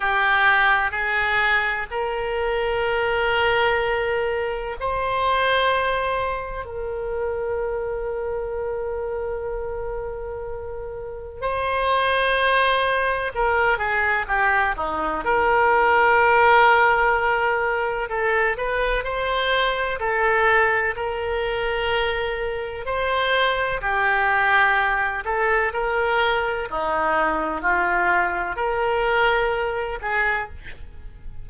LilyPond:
\new Staff \with { instrumentName = "oboe" } { \time 4/4 \tempo 4 = 63 g'4 gis'4 ais'2~ | ais'4 c''2 ais'4~ | ais'1 | c''2 ais'8 gis'8 g'8 dis'8 |
ais'2. a'8 b'8 | c''4 a'4 ais'2 | c''4 g'4. a'8 ais'4 | dis'4 f'4 ais'4. gis'8 | }